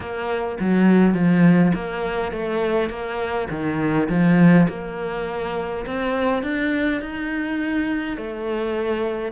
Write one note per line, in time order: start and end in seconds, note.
0.00 0.57 A#3
0.60 1.14 F#3
1.14 1.72 F3
1.74 2.32 A#3
2.32 2.89 A3
2.89 3.48 A#3
3.50 4.08 D#3
4.09 4.67 F3
4.69 5.85 A#3
5.85 6.42 C4
6.42 7.01 D4
7.01 8.17 D#4
8.17 9.31 A3